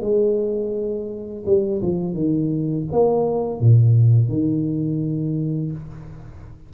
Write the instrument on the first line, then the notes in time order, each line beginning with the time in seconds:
tuba
0.00 G#3
1.45 G3
1.81 F3
2.13 D#3
2.92 A#3
3.60 A#2
4.28 D#3